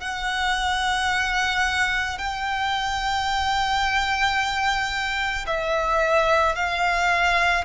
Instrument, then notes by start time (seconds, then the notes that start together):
violin
0.00 F#5
2.18 G5
5.46 E5
6.55 F5